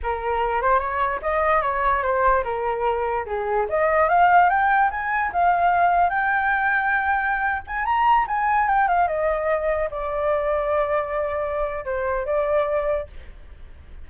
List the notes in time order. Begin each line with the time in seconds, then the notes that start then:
0.02 A#4
0.61 C5
0.79 C#5
1.21 D#5
1.62 C#5
2.03 C5
2.44 A#4
3.26 G#4
3.69 D#5
4.09 F5
4.49 G5
4.91 G#5
5.32 F5
6.09 G5
7.67 G#5
7.85 A#5
8.27 G#5
8.68 G5
8.88 F5
9.07 D#5
9.91 D5
11.84 C5
12.25 D5